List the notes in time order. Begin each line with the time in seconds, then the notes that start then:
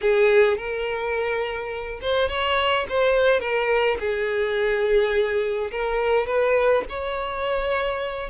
0.01 G#4
0.57 A#4
2.01 C5
2.29 C#5
2.89 C5
3.40 A#4
3.99 G#4
5.71 A#4
6.26 B4
6.89 C#5